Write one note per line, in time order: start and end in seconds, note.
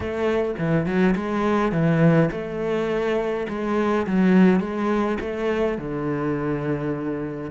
0.00 0.55 A3
0.58 0.86 E3
0.86 1.15 F#3
1.15 1.72 G#3
1.72 2.29 E3
2.31 3.46 A3
3.49 4.06 G#3
4.06 4.60 F#3
4.60 5.17 G#3
5.20 5.77 A3
5.77 7.50 D3